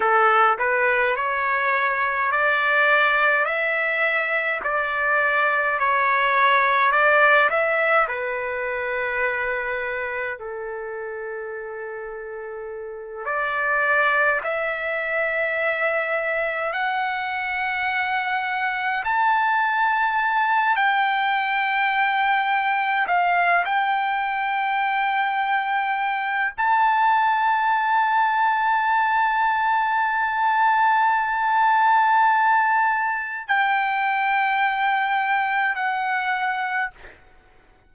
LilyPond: \new Staff \with { instrumentName = "trumpet" } { \time 4/4 \tempo 4 = 52 a'8 b'8 cis''4 d''4 e''4 | d''4 cis''4 d''8 e''8 b'4~ | b'4 a'2~ a'8 d''8~ | d''8 e''2 fis''4.~ |
fis''8 a''4. g''2 | f''8 g''2~ g''8 a''4~ | a''1~ | a''4 g''2 fis''4 | }